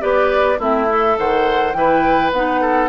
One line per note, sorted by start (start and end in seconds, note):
0.00 0.59 B3
0.00 0.58 G4
0.00 0.59 B4
0.00 0.59 D5
0.59 1.17 A3
0.59 0.88 C4
0.59 1.16 E4
0.59 1.18 E5
0.89 1.74 A4
1.18 1.74 D#3
1.18 1.77 C5
1.18 1.73 F#5
1.73 2.32 E3
1.73 2.32 E4
1.73 2.61 B4
1.73 2.31 G5
2.32 2.89 B3
2.32 2.89 D#4
2.32 2.89 F#5
2.61 2.89 A4